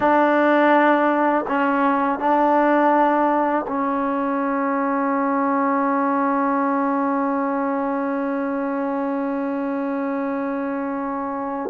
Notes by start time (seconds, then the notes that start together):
0.00 D4
1.47 C#4
2.19 D4
3.68 C#4